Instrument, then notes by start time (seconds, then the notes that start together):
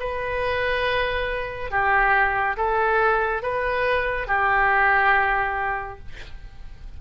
oboe
0.00 B4
1.71 G4
2.57 A4
3.42 B4
4.28 G4